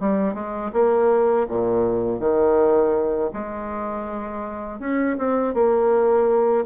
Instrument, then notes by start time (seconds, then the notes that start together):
bassoon
0.00 G3
0.34 G#3
0.73 A#3
1.48 A#2
2.20 D#3
3.33 G#3
4.80 C#4
5.18 C4
5.54 A#3